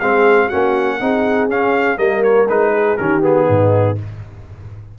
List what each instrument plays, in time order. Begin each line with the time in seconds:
0.00 tuba G#3, trombone C4, horn G#4, trumpet F5
0.46 tuba A#3, trombone C#4, horn F#4, trumpet F#5
1.00 tuba C4, trombone D#4, horn G#4
1.48 tuba C#4, trombone C#4, trumpet F5
1.96 tuba G3, trombone A#3, horn A#4, trumpet D#5
2.23 trumpet C#5
2.48 tuba G#3, trombone D#4, trumpet B4
2.73 horn G#4
2.97 tuba D#3, trombone C#4, horn G4, trumpet A#4
3.21 trombone B3, trumpet G#4
3.48 tuba G#2, horn D#4